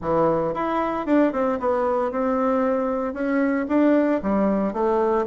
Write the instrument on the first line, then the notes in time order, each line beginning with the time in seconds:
bassoon
0.01 E3
0.54 E4
1.06 D4
1.32 C4
1.59 B3
2.11 C4
3.13 C#4
3.68 D4
4.22 G3
4.73 A3